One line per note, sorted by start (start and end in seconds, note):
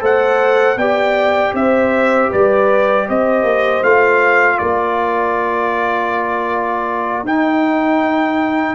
0.00 0.76 A3
0.00 0.76 A4
0.00 0.77 C5
0.00 0.78 F#5
0.76 1.52 B3
0.76 3.84 G4
0.76 1.54 D5
0.76 1.54 G5
1.53 2.29 C4
1.53 2.30 C5
1.53 2.31 E5
2.30 3.09 G3
2.30 3.06 B4
2.30 3.08 D5
3.08 3.43 C4
3.08 4.58 C5
3.08 3.83 D#5
3.43 3.81 A#3
3.83 4.59 A3
3.83 7.25 F4
3.83 4.58 F5
4.58 7.23 A#3
4.58 8.75 A#4
4.58 7.24 D5
7.23 8.75 D#4
7.23 8.75 G5